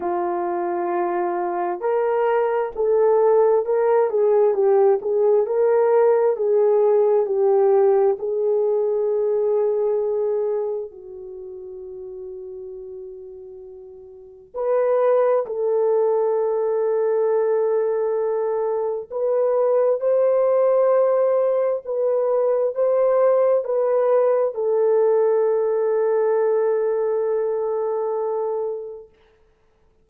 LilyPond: \new Staff \with { instrumentName = "horn" } { \time 4/4 \tempo 4 = 66 f'2 ais'4 a'4 | ais'8 gis'8 g'8 gis'8 ais'4 gis'4 | g'4 gis'2. | fis'1 |
b'4 a'2.~ | a'4 b'4 c''2 | b'4 c''4 b'4 a'4~ | a'1 | }